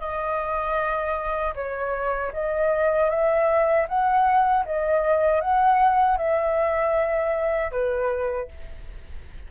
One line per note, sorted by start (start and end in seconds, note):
0.00 1.54 D#5
1.55 2.32 C#5
2.33 3.10 D#5
3.10 3.87 E5
3.88 4.65 F#5
4.65 5.41 D#5
5.41 6.17 F#5
6.17 7.71 E5
7.71 8.48 B4